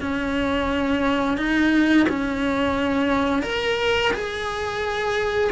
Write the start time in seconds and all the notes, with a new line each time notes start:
0.00 C#4
1.37 D#4
2.09 C#4
3.43 A#4
4.13 G#4